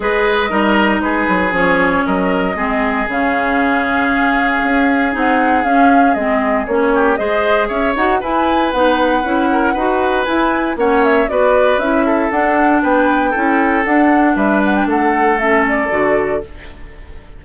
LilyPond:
<<
  \new Staff \with { instrumentName = "flute" } { \time 4/4 \tempo 4 = 117 dis''2 b'4 cis''4 | dis''2 f''2~ | f''2 fis''4 f''4 | dis''4 cis''4 dis''4 e''8 fis''8 |
gis''4 fis''2. | gis''4 fis''8 e''8 d''4 e''4 | fis''4 g''2 fis''4 | e''8 fis''16 g''16 fis''4 e''8 d''4. | }
  \new Staff \with { instrumentName = "oboe" } { \time 4/4 b'4 ais'4 gis'2 | ais'4 gis'2.~ | gis'1~ | gis'4. g'8 c''4 cis''4 |
b'2~ b'8 ais'8 b'4~ | b'4 cis''4 b'4. a'8~ | a'4 b'4 a'2 | b'4 a'2. | }
  \new Staff \with { instrumentName = "clarinet" } { \time 4/4 gis'4 dis'2 cis'4~ | cis'4 c'4 cis'2~ | cis'2 dis'4 cis'4 | c'4 cis'4 gis'4. fis'8 |
e'4 dis'4 e'4 fis'4 | e'4 cis'4 fis'4 e'4 | d'2 e'4 d'4~ | d'2 cis'4 fis'4 | }
  \new Staff \with { instrumentName = "bassoon" } { \time 4/4 gis4 g4 gis8 fis8 f4 | fis4 gis4 cis2~ | cis4 cis'4 c'4 cis'4 | gis4 ais4 gis4 cis'8 dis'8 |
e'4 b4 cis'4 dis'4 | e'4 ais4 b4 cis'4 | d'4 b4 cis'4 d'4 | g4 a2 d4 | }
>>